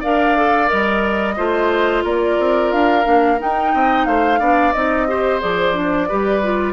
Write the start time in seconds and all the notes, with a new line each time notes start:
0.00 D4 A#4 D5 F5
0.37 A4
0.66 G3 A#4 D#5
1.36 A3 F4 C5
2.04 A#3 A#4 D5
2.38 C4
2.72 D4 F5
3.04 A#3 D4
3.38 D#4 G5
3.74 C4 D#5
4.05 A3 C5 F5
4.39 B3 D4 D5
4.72 C4 D#4 D#5
5.08 G4 C5
5.40 F3 G#4 D5
5.73 D4
6.08 G3 G4 B4
6.43 F4